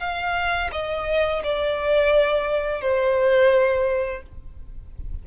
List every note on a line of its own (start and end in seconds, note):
0.00 0.71 F5
0.72 1.43 D#5
1.44 2.82 D5
2.82 4.23 C5